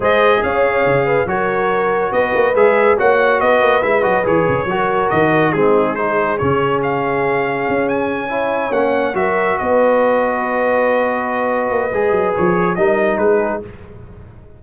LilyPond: <<
  \new Staff \with { instrumentName = "trumpet" } { \time 4/4 \tempo 4 = 141 dis''4 f''2 cis''4~ | cis''4 dis''4 e''4 fis''4 | dis''4 e''8 dis''8 cis''2 | dis''4 gis'4 c''4 cis''4 |
f''2~ f''8 gis''4.~ | gis''8 fis''4 e''4 dis''4.~ | dis''1~ | dis''4 cis''4 dis''4 b'4 | }
  \new Staff \with { instrumentName = "horn" } { \time 4/4 c''4 cis''4. b'8 ais'4~ | ais'4 b'2 cis''4 | b'2. ais'4~ | ais'4 dis'4 gis'2~ |
gis'2.~ gis'8 cis''8~ | cis''4. ais'4 b'4.~ | b'1~ | b'2 ais'4 gis'4 | }
  \new Staff \with { instrumentName = "trombone" } { \time 4/4 gis'2. fis'4~ | fis'2 gis'4 fis'4~ | fis'4 e'8 fis'8 gis'4 fis'4~ | fis'4 c'4 dis'4 cis'4~ |
cis'2.~ cis'8 e'8~ | e'8 cis'4 fis'2~ fis'8~ | fis'1 | gis'2 dis'2 | }
  \new Staff \with { instrumentName = "tuba" } { \time 4/4 gis4 cis'4 cis4 fis4~ | fis4 b8 ais8 gis4 ais4 | b8 ais8 gis8 fis8 e8 cis8 fis4 | dis4 gis2 cis4~ |
cis2 cis'2~ | cis'8 ais4 fis4 b4.~ | b2.~ b8 ais8 | gis8 fis8 f4 g4 gis4 | }
>>